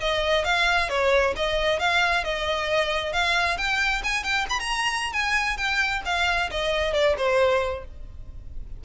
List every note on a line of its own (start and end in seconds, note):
0.00 0.44 D#5
0.44 0.89 F5
0.89 1.34 C#5
1.36 1.79 D#5
1.79 2.24 F5
2.24 3.13 D#5
3.13 3.57 F5
3.58 4.02 G5
4.03 4.23 G#5
4.23 4.46 G5
4.49 4.59 B5
4.59 5.12 A#5
5.12 5.57 G#5
5.57 6.02 G5
6.05 6.50 F5
6.51 6.93 D#5
6.93 7.15 D5
7.17 7.84 C5